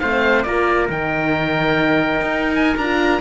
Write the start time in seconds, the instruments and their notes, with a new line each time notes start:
0.00 cello A3, horn C4, trumpet C5, oboe F5
0.43 cello A#3, horn F4, trumpet A#4, oboe D5
0.89 cello D#3, horn D#4, oboe G5
2.21 cello D#4
2.55 oboe G#5
2.77 cello D4, horn F4, oboe A#5